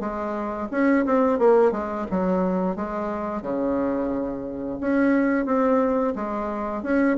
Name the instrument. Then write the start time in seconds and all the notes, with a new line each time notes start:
bassoon
0.00 G#3
0.71 C#4
1.05 C4
1.39 A#3
1.72 G#3
2.11 F#3
2.76 G#3
3.42 C#3
4.81 C#4
5.45 C4
6.16 G#3
6.83 C#4